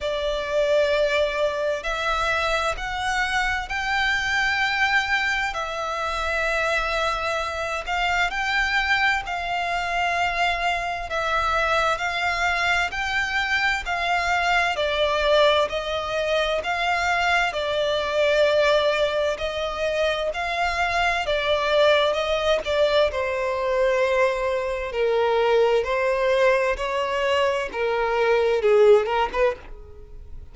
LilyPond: \new Staff \with { instrumentName = "violin" } { \time 4/4 \tempo 4 = 65 d''2 e''4 fis''4 | g''2 e''2~ | e''8 f''8 g''4 f''2 | e''4 f''4 g''4 f''4 |
d''4 dis''4 f''4 d''4~ | d''4 dis''4 f''4 d''4 | dis''8 d''8 c''2 ais'4 | c''4 cis''4 ais'4 gis'8 ais'16 b'16 | }